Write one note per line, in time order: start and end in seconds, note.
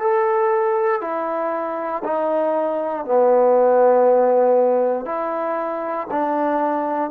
0.00 1.01 A4
1.01 2.02 E4
2.04 3.05 D#4
3.05 5.05 B3
5.05 6.07 E4
6.11 7.10 D4